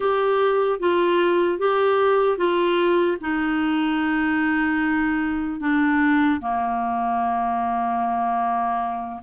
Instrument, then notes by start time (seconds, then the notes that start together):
clarinet
0.00 G4
0.79 F4
1.58 G4
2.37 F4
3.20 D#4
5.60 D4
6.40 A#3